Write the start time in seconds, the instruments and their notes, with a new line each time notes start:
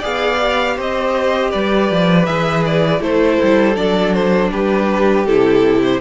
0.00 cello B3, viola G#4, violin D5 F5
0.40 viola G4
0.77 cello C4, violin C5 D#5
1.51 cello G3, violin B4 D5
1.91 cello F3
2.26 cello E3, viola G#4, violin E5
2.65 violin D5
3.00 cello A3, viola E4, violin A4 C5
3.43 cello G3
3.75 cello F#3, viola D4, violin D5
4.13 violin C5
4.52 cello G3, violin G4 B4
5.26 cello C3, viola E4, violin A4
5.83 violin C5